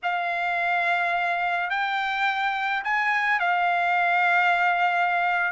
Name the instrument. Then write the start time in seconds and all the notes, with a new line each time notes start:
trumpet
0.03 F5
1.70 G5
2.84 G#5
3.39 F5